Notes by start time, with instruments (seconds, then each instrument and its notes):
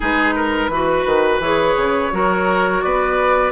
0.00 bassoon G#3, clarinet D#4, oboe G#4, flute B4
0.35 oboe A#4
0.68 bassoon E3, clarinet F#4, oboe B4
1.05 bassoon D#3
1.39 bassoon E3, clarinet G#4, flute C#5
1.76 bassoon C#3
2.11 bassoon F#3, clarinet F#4, oboe A#4
2.81 bassoon B3, oboe B4, flute D5